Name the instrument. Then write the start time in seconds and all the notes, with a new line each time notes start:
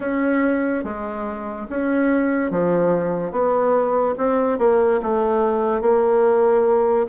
bassoon
0.00 C#4
0.83 G#3
1.69 C#4
2.50 F3
3.31 B3
4.17 C4
4.58 A#3
5.02 A3
5.81 A#3